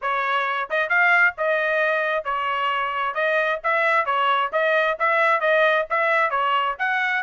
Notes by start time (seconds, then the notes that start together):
0.01 C#5
0.70 D#5
0.89 F5
1.37 D#5
2.24 C#5
3.14 D#5
3.63 E5
4.05 C#5
4.52 D#5
4.99 E5
5.40 D#5
5.90 E5
6.30 C#5
6.79 F#5